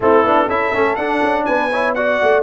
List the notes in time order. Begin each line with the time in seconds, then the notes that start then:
0.00 A3 C4 E4 A4
0.23 B3 D4
0.46 C#4 E4 A4 E5
0.73 A3 C#4
0.95 D4 F#5
1.22 C#4
1.45 B3 B4 G#5
1.71 E4 C#5
1.94 F#4 D5 F#5
2.22 A3